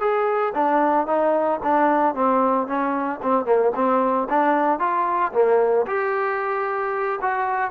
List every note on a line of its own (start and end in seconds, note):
0.00 0.53 G#4
0.54 1.07 D4
1.07 1.60 D#4
1.63 2.15 D4
2.15 2.67 C4
2.67 3.20 C#4
3.22 3.45 C4
3.45 3.71 A#3
3.75 4.28 C4
4.29 4.79 D4
4.79 5.32 F4
5.33 5.86 A#3
5.86 7.19 G4
7.21 7.71 F#4